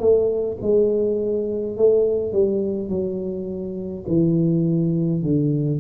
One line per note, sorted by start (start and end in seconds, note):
0.00 0.58 A3
0.62 1.77 G#3
1.77 2.33 A3
2.33 2.90 G3
2.90 4.05 F#3
4.08 5.23 E3
5.23 5.80 D3